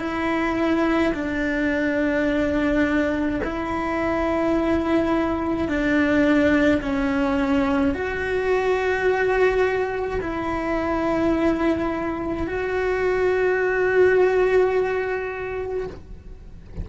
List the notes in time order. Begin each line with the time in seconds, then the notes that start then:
0.00 E4
1.14 D4
3.44 E4
5.69 D4
6.82 C#4
7.95 F#4
10.21 E4
12.47 F#4